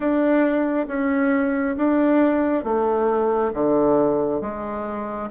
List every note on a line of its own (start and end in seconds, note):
0.00 0.86 D4
0.87 1.76 C#4
1.76 2.64 D4
2.64 3.52 A3
3.53 4.41 D3
4.41 5.29 G#3